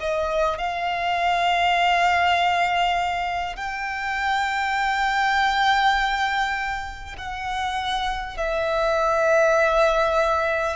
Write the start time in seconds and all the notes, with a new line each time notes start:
0.00 D#5
0.58 F5
3.56 G5
7.17 F#5
8.37 E5